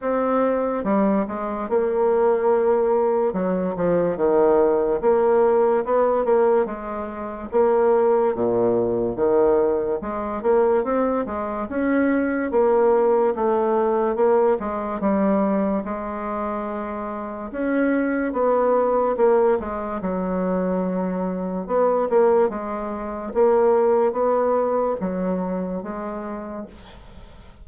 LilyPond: \new Staff \with { instrumentName = "bassoon" } { \time 4/4 \tempo 4 = 72 c'4 g8 gis8 ais2 | fis8 f8 dis4 ais4 b8 ais8 | gis4 ais4 ais,4 dis4 | gis8 ais8 c'8 gis8 cis'4 ais4 |
a4 ais8 gis8 g4 gis4~ | gis4 cis'4 b4 ais8 gis8 | fis2 b8 ais8 gis4 | ais4 b4 fis4 gis4 | }